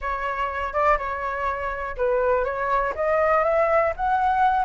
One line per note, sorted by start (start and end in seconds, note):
0.01 0.73 C#5
0.73 0.97 D5
0.98 1.96 C#5
1.96 2.44 B4
2.44 2.93 C#5
2.95 3.43 D#5
3.43 3.93 E5
3.96 4.65 F#5